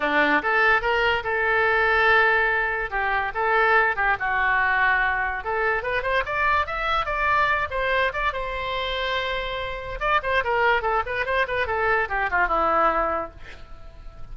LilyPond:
\new Staff \with { instrumentName = "oboe" } { \time 4/4 \tempo 4 = 144 d'4 a'4 ais'4 a'4~ | a'2. g'4 | a'4. g'8 fis'2~ | fis'4 a'4 b'8 c''8 d''4 |
e''4 d''4. c''4 d''8 | c''1 | d''8 c''8 ais'4 a'8 b'8 c''8 b'8 | a'4 g'8 f'8 e'2 | }